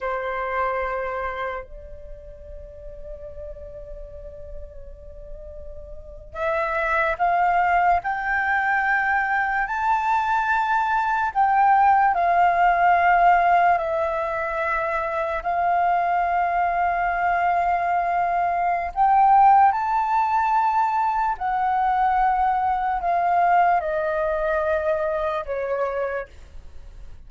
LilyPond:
\new Staff \with { instrumentName = "flute" } { \time 4/4 \tempo 4 = 73 c''2 d''2~ | d''2.~ d''8. e''16~ | e''8. f''4 g''2 a''16~ | a''4.~ a''16 g''4 f''4~ f''16~ |
f''8. e''2 f''4~ f''16~ | f''2. g''4 | a''2 fis''2 | f''4 dis''2 cis''4 | }